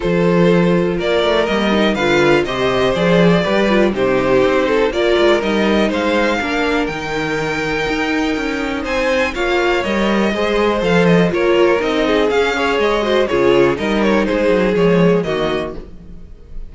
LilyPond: <<
  \new Staff \with { instrumentName = "violin" } { \time 4/4 \tempo 4 = 122 c''2 d''4 dis''4 | f''4 dis''4 d''2 | c''2 d''4 dis''4 | f''2 g''2~ |
g''2 gis''4 f''4 | dis''2 f''8 dis''8 cis''4 | dis''4 f''4 dis''4 cis''4 | dis''8 cis''8 c''4 cis''4 dis''4 | }
  \new Staff \with { instrumentName = "violin" } { \time 4/4 a'2 ais'2 | b'4 c''2 b'4 | g'4. a'8 ais'2 | c''4 ais'2.~ |
ais'2 c''4 cis''4~ | cis''4 c''2 ais'4~ | ais'8 gis'4 cis''4 c''8 gis'4 | ais'4 gis'2 fis'4 | }
  \new Staff \with { instrumentName = "viola" } { \time 4/4 f'2. ais8 dis'8 | f'4 g'4 gis'4 g'8 f'8 | dis'2 f'4 dis'4~ | dis'4 d'4 dis'2~ |
dis'2. f'4 | ais'4 gis'4 a'4 f'4 | dis'4 cis'8 gis'4 fis'8 f'4 | dis'2 gis4 ais4 | }
  \new Staff \with { instrumentName = "cello" } { \time 4/4 f2 ais8 a8 g4 | d4 c4 f4 g4 | c4 c'4 ais8 gis8 g4 | gis4 ais4 dis2 |
dis'4 cis'4 c'4 ais4 | g4 gis4 f4 ais4 | c'4 cis'4 gis4 cis4 | g4 gis8 fis8 f4 dis4 | }
>>